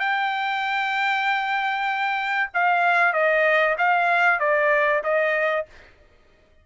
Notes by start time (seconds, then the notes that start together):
0.00 G5
2.54 F5
3.14 D#5
3.78 F5
4.40 D5
5.04 D#5